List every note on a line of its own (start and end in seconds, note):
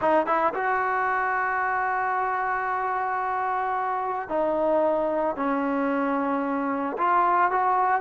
0.01 0.26 D#4
0.26 0.53 E4
0.54 4.28 F#4
4.28 5.35 D#4
5.36 6.96 C#4
6.97 7.51 F4
7.51 8.01 F#4